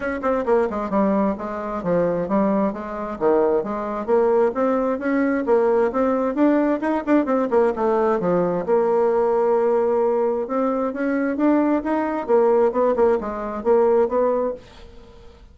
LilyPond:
\new Staff \with { instrumentName = "bassoon" } { \time 4/4 \tempo 4 = 132 cis'8 c'8 ais8 gis8 g4 gis4 | f4 g4 gis4 dis4 | gis4 ais4 c'4 cis'4 | ais4 c'4 d'4 dis'8 d'8 |
c'8 ais8 a4 f4 ais4~ | ais2. c'4 | cis'4 d'4 dis'4 ais4 | b8 ais8 gis4 ais4 b4 | }